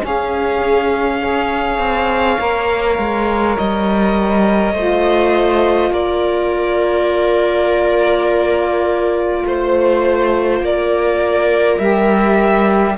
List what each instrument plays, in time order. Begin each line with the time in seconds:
0.00 saxophone C#4, cello C#4, viola G#4, violin F5
1.22 saxophone G#4, viola C#5
1.78 cello C4
2.39 cello A#3, saxophone A#4
2.98 cello G#3
3.57 cello G3, violin D#5
4.73 cello A3, saxophone F4, viola C5
5.91 cello A#3, viola A#4, violin D5
9.45 cello A3, violin C5, viola C5
10.60 cello A#3, viola A#4, violin D5
11.79 cello G3, saxophone G4, violin E5